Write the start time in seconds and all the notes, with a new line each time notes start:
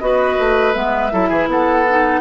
0.00 B3 F#4 B4 D#5
0.39 A3
0.73 G#3 B3 E5
1.11 F#3 E4 A4
1.29 E3 G#4
1.47 B3 A4 F#5
1.89 D#4